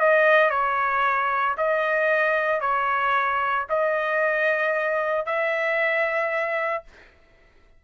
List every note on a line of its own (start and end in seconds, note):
0.00 0.51 D#5
0.51 1.56 C#5
1.58 2.61 D#5
2.61 3.66 C#5
3.70 5.26 D#5
5.26 6.84 E5